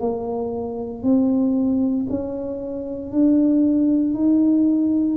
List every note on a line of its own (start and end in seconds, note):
0.00 1.03 A#3
1.03 2.07 C4
2.10 3.12 C#4
3.12 4.14 D4
4.14 5.17 D#4